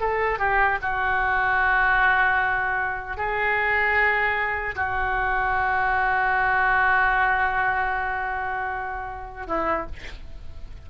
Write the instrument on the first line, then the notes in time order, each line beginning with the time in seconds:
oboe
0.00 A4
0.38 G4
0.81 F#4
3.17 G#4
4.75 F#4
9.47 E4